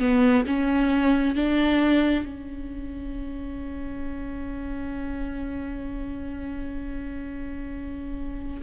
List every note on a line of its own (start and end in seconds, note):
0.00 0.45 B3
0.47 1.36 C#4
1.36 2.25 D4
2.25 8.62 C#4